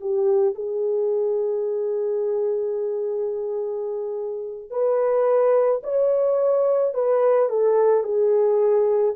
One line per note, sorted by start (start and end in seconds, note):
0.00 0.55 G4
0.55 4.70 G#4
4.70 5.81 B4
5.83 6.94 C#5
6.94 7.49 B4
7.49 8.04 A4
8.04 9.15 G#4